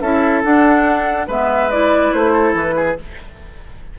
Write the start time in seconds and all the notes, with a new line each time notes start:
0.00 C#4 E4 A4 E5
0.43 D4 F#5
1.27 G#3 B3 B4 E5
1.70 E4 D5
2.12 A3 C5
2.32 A4
2.53 E3 B4
2.76 G#4